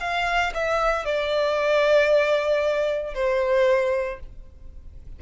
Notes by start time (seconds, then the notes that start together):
0.00 F5
0.54 E5
1.05 D5
3.15 C5